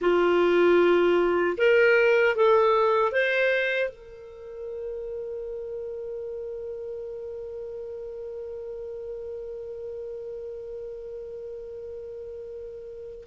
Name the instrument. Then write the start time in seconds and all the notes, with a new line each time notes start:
clarinet
0.01 F4
1.57 A#4
2.35 A4
3.12 C5
3.89 A#4